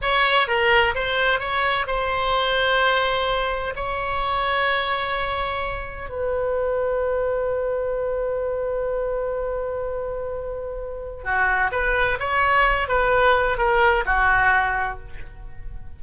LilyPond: \new Staff \with { instrumentName = "oboe" } { \time 4/4 \tempo 4 = 128 cis''4 ais'4 c''4 cis''4 | c''1 | cis''1~ | cis''4 b'2.~ |
b'1~ | b'1 | fis'4 b'4 cis''4. b'8~ | b'4 ais'4 fis'2 | }